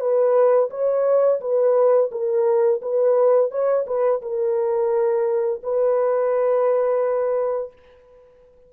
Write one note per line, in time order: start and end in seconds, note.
0.00 0.70 B4
0.70 1.40 C#5
1.40 2.10 B4
2.11 2.81 A#4
2.81 3.51 B4
3.51 3.86 C#5
3.86 4.21 B4
4.21 5.61 A#4
5.63 7.72 B4